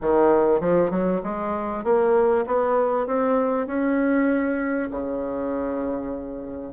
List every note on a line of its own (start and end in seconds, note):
0.01 0.60 D#3
0.60 0.90 F3
0.90 1.21 F#3
1.23 1.83 G#3
1.83 2.45 A#3
2.46 3.06 B3
3.06 3.67 C4
3.67 4.89 C#4
4.90 6.73 C#3